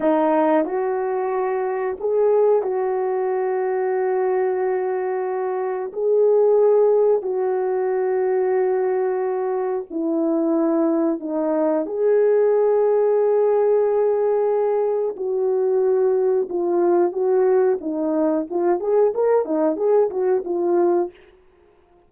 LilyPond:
\new Staff \with { instrumentName = "horn" } { \time 4/4 \tempo 4 = 91 dis'4 fis'2 gis'4 | fis'1~ | fis'4 gis'2 fis'4~ | fis'2. e'4~ |
e'4 dis'4 gis'2~ | gis'2. fis'4~ | fis'4 f'4 fis'4 dis'4 | f'8 gis'8 ais'8 dis'8 gis'8 fis'8 f'4 | }